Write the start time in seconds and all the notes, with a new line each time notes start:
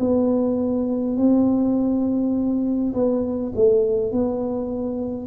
0.00 B3
1.17 C4
2.94 B3
3.56 A3
4.12 B3